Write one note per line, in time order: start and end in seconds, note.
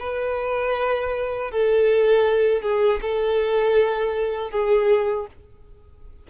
0.00 1.52 B4
1.52 2.62 A4
2.62 3.00 G#4
3.02 4.51 A4
4.51 5.27 G#4